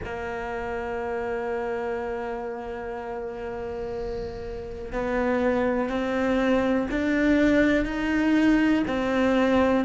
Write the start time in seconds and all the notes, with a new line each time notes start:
0.04 A#3
4.92 B3
5.89 C4
6.90 D4
7.85 D#4
8.87 C4